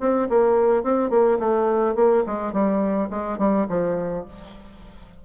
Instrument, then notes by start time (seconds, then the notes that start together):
bassoon
0.00 C4
0.29 A#3
0.83 C4
1.10 A#3
1.39 A3
1.95 A#3
2.26 G#3
2.52 G3
3.10 G#3
3.38 G3
3.68 F3